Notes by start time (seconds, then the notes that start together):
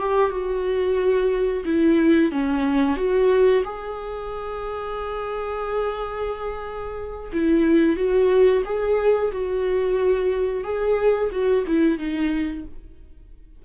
0.00 G4
0.31 F#4
1.65 E4
2.32 C#4
2.97 F#4
3.65 G#4
7.33 E4
7.97 F#4
8.65 G#4
9.32 F#4
10.64 G#4
11.32 F#4
11.67 E4
11.98 D#4